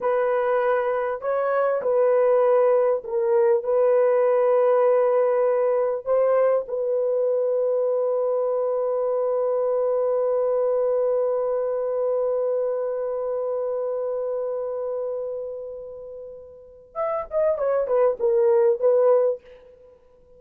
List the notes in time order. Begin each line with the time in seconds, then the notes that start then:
0.00 B4
1.21 C#5
1.82 B4
3.04 A#4
3.63 B4
6.05 C5
6.68 B4
16.94 E5
17.30 D#5
17.58 C#5
17.87 B4
18.19 A#4
18.80 B4